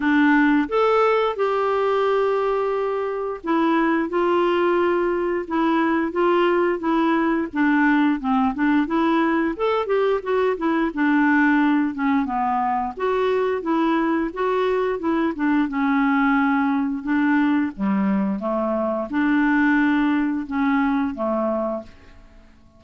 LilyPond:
\new Staff \with { instrumentName = "clarinet" } { \time 4/4 \tempo 4 = 88 d'4 a'4 g'2~ | g'4 e'4 f'2 | e'4 f'4 e'4 d'4 | c'8 d'8 e'4 a'8 g'8 fis'8 e'8 |
d'4. cis'8 b4 fis'4 | e'4 fis'4 e'8 d'8 cis'4~ | cis'4 d'4 g4 a4 | d'2 cis'4 a4 | }